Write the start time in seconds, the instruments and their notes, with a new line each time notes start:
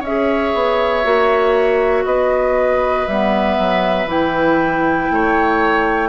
0.00 bassoon C#4, oboe C#5, flute E5
0.07 clarinet G#4
0.54 bassoon B3
1.04 bassoon A#3, clarinet F#4
2.05 bassoon B3, oboe B4, flute D#5
3.07 bassoon G3, clarinet B3, flute E5
3.59 bassoon F#3
4.06 bassoon E3, clarinet E4, flute G5
5.11 bassoon A3, oboe C#5